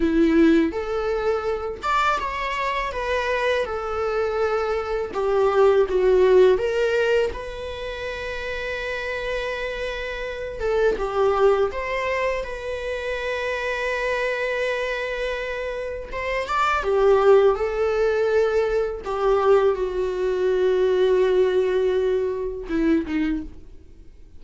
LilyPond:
\new Staff \with { instrumentName = "viola" } { \time 4/4 \tempo 4 = 82 e'4 a'4. d''8 cis''4 | b'4 a'2 g'4 | fis'4 ais'4 b'2~ | b'2~ b'8 a'8 g'4 |
c''4 b'2.~ | b'2 c''8 d''8 g'4 | a'2 g'4 fis'4~ | fis'2. e'8 dis'8 | }